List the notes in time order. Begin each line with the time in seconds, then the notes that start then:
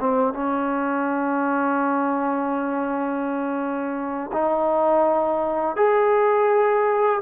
0.00 C4
0.34 C#4
4.33 D#4
5.77 G#4